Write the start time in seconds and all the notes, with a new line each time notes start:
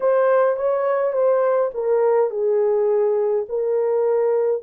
0.00 C5
0.56 C#5
1.12 C5
1.74 A#4
2.30 G#4
3.49 A#4